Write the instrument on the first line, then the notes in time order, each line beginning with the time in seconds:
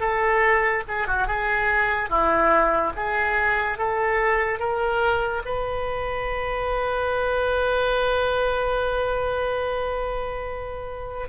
oboe
0.00 A4
0.88 G#4
1.07 F#4
1.27 G#4
2.09 E4
2.96 G#4
3.78 A4
4.59 A#4
5.45 B4